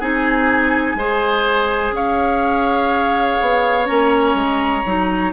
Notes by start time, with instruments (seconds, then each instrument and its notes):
0.00 bassoon C4, clarinet D#4, oboe G#4, flute G#5
0.95 bassoon G#3, clarinet G#4, oboe C5
1.92 bassoon C#4, oboe C#5, flute F5
3.41 bassoon B3
3.86 bassoon A#3, clarinet C#4, flute A#5
4.34 bassoon G#3
4.86 bassoon F#3, clarinet D#4